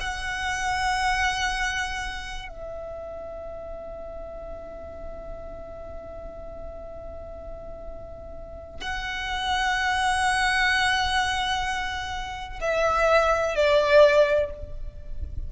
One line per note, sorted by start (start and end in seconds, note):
0.00 2.49 F#5
2.49 8.80 E5
8.80 12.59 F#5
12.61 13.55 E5
13.55 14.50 D5